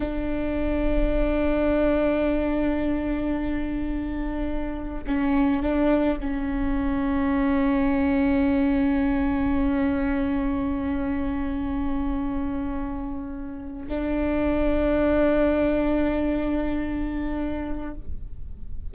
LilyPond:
\new Staff \with { instrumentName = "viola" } { \time 4/4 \tempo 4 = 107 d'1~ | d'1~ | d'4 cis'4 d'4 cis'4~ | cis'1~ |
cis'1~ | cis'1~ | cis'8. d'2.~ d'16~ | d'1 | }